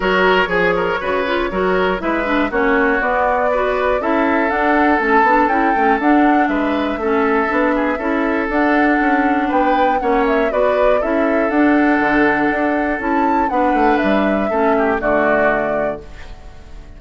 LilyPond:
<<
  \new Staff \with { instrumentName = "flute" } { \time 4/4 \tempo 4 = 120 cis''1 | e''4 cis''4 d''2 | e''4 fis''4 a''4 g''4 | fis''4 e''2.~ |
e''4 fis''2 g''4 | fis''8 e''8 d''4 e''4 fis''4~ | fis''2 a''4 fis''4 | e''2 d''2 | }
  \new Staff \with { instrumentName = "oboe" } { \time 4/4 ais'4 gis'8 ais'8 b'4 ais'4 | b'4 fis'2 b'4 | a'1~ | a'4 b'4 a'4. gis'8 |
a'2. b'4 | cis''4 b'4 a'2~ | a'2. b'4~ | b'4 a'8 g'8 fis'2 | }
  \new Staff \with { instrumentName = "clarinet" } { \time 4/4 fis'4 gis'4 fis'8 f'8 fis'4 | e'8 d'8 cis'4 b4 fis'4 | e'4 d'4 cis'8 d'8 e'8 cis'8 | d'2 cis'4 d'4 |
e'4 d'2. | cis'4 fis'4 e'4 d'4~ | d'2 e'4 d'4~ | d'4 cis'4 a2 | }
  \new Staff \with { instrumentName = "bassoon" } { \time 4/4 fis4 f4 cis4 fis4 | gis4 ais4 b2 | cis'4 d'4 a8 b8 cis'8 a8 | d'4 gis4 a4 b4 |
cis'4 d'4 cis'4 b4 | ais4 b4 cis'4 d'4 | d4 d'4 cis'4 b8 a8 | g4 a4 d2 | }
>>